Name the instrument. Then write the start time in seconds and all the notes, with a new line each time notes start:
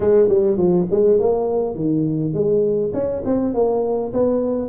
tuba
0.00 G#3
0.28 G3
0.57 F3
0.90 G#3
1.19 A#3
1.75 D#3
2.33 G#3
2.93 C#4
3.25 C4
3.54 A#3
4.13 B3